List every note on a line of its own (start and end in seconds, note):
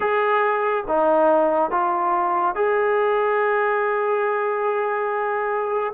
0.00 0.84 G#4
0.87 1.71 D#4
1.71 2.55 F4
2.55 5.93 G#4